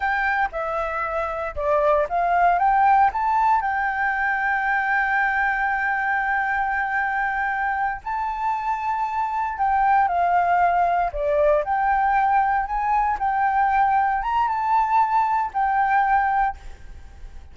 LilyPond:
\new Staff \with { instrumentName = "flute" } { \time 4/4 \tempo 4 = 116 g''4 e''2 d''4 | f''4 g''4 a''4 g''4~ | g''1~ | g''2.~ g''8 a''8~ |
a''2~ a''8 g''4 f''8~ | f''4. d''4 g''4.~ | g''8 gis''4 g''2 ais''8 | a''2 g''2 | }